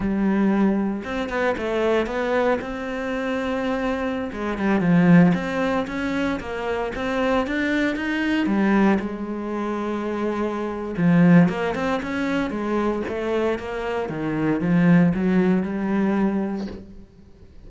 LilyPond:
\new Staff \with { instrumentName = "cello" } { \time 4/4 \tempo 4 = 115 g2 c'8 b8 a4 | b4 c'2.~ | c'16 gis8 g8 f4 c'4 cis'8.~ | cis'16 ais4 c'4 d'4 dis'8.~ |
dis'16 g4 gis2~ gis8.~ | gis4 f4 ais8 c'8 cis'4 | gis4 a4 ais4 dis4 | f4 fis4 g2 | }